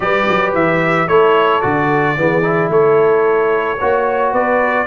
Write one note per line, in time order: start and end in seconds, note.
0.00 0.27 G3
0.00 1.07 G4
0.00 1.09 B4
0.00 0.52 D5
0.28 0.54 F#3
0.54 1.08 E3
0.54 1.08 E5
1.08 1.62 A3
1.08 1.61 E4
1.08 2.17 A4
1.08 1.61 C#5
1.61 2.17 D3
1.61 2.15 F#4
1.61 2.69 D5
2.16 2.68 E3
2.16 2.42 B3
2.16 2.71 G#4
2.42 3.77 E4
2.68 3.76 A3
2.68 3.78 A4
2.68 4.33 C#5
3.78 4.32 A#3
3.78 4.86 F#4
3.78 4.32 C#5
4.32 4.86 B3
4.32 4.86 B4
4.32 4.86 D5